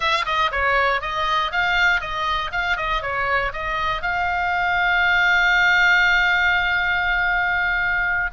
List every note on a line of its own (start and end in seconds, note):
0.00 0.25 F5
0.25 0.50 D#5
0.51 1.01 C#5
1.01 1.51 D#5
1.51 2.00 F5
2.00 2.51 D#5
2.51 2.76 F5
2.76 3.02 D#5
3.02 3.52 C#5
3.52 4.02 D#5
4.02 8.30 F5